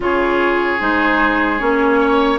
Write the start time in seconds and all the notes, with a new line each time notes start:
0.00 C#3 F4 G#4 C#5
0.79 G#3 D#4 C5
1.59 A#3 C#4 C#5
2.00 C#5